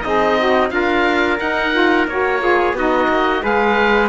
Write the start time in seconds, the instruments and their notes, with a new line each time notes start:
0.00 cello C4, trumpet D#4, saxophone G#4, oboe D#5
0.38 saxophone F#4
0.69 cello D4, saxophone F4, trumpet A#4, oboe F5
1.39 saxophone D#4, cello D#4, oboe F#5
1.73 saxophone F4
2.07 cello A#3, saxophone F#4, oboe C#5
2.40 saxophone F4, trumpet G#4
2.73 cello B3, saxophone D#4, trumpet F#4, oboe D#5
3.08 cello A#3
3.40 cello G#3, saxophone G#4, trumpet B4, oboe F5